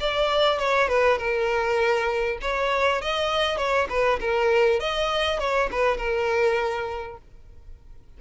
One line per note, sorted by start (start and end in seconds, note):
0.00 0.59 D5
0.59 0.88 C#5
0.88 1.18 B4
1.19 2.39 A#4
2.42 3.02 C#5
3.02 3.58 D#5
3.58 3.88 C#5
3.90 4.20 B4
4.21 4.80 A#4
4.80 5.40 D#5
5.40 5.70 C#5
5.72 5.98 B4
5.98 7.18 A#4